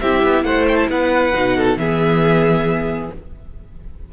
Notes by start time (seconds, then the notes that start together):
0.00 C4 E4 G4 E5
0.23 B3
0.43 A3 C5 F#5
0.68 G5
0.75 A5
0.88 B3 B4 F#5
1.33 B2 D#4
1.56 A4
1.76 E3 B3 G#4 E5